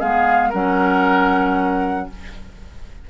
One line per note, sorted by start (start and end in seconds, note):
0.00 0.53 G#3
0.00 0.53 B3
0.00 0.50 G#4
0.00 0.52 F5
0.50 2.10 F#3
0.50 2.09 C#4
0.50 2.06 A#4
0.50 2.10 F#5